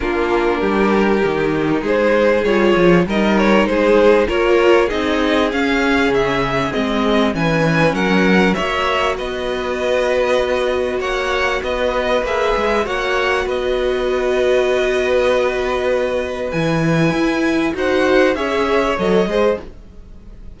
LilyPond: <<
  \new Staff \with { instrumentName = "violin" } { \time 4/4 \tempo 4 = 98 ais'2. c''4 | cis''4 dis''8 cis''8 c''4 cis''4 | dis''4 f''4 e''4 dis''4 | gis''4 fis''4 e''4 dis''4~ |
dis''2 fis''4 dis''4 | e''4 fis''4 dis''2~ | dis''2. gis''4~ | gis''4 fis''4 e''4 dis''4 | }
  \new Staff \with { instrumentName = "violin" } { \time 4/4 f'4 g'2 gis'4~ | gis'4 ais'4 gis'4 ais'4 | gis'1 | b'4 ais'4 cis''4 b'4~ |
b'2 cis''4 b'4~ | b'4 cis''4 b'2~ | b'1~ | b'4 c''4 cis''4. c''8 | }
  \new Staff \with { instrumentName = "viola" } { \time 4/4 d'2 dis'2 | f'4 dis'2 f'4 | dis'4 cis'2 c'4 | cis'2 fis'2~ |
fis'1 | gis'4 fis'2.~ | fis'2. e'4~ | e'4 fis'4 gis'4 a'8 gis'8 | }
  \new Staff \with { instrumentName = "cello" } { \time 4/4 ais4 g4 dis4 gis4 | g8 f8 g4 gis4 ais4 | c'4 cis'4 cis4 gis4 | e4 fis4 ais4 b4~ |
b2 ais4 b4 | ais8 gis8 ais4 b2~ | b2. e4 | e'4 dis'4 cis'4 fis8 gis8 | }
>>